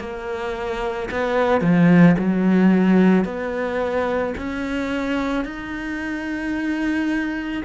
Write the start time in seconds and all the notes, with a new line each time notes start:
0.00 A#3
1.12 B3
1.61 F3
2.18 F#3
3.25 B3
4.38 C#4
5.45 D#4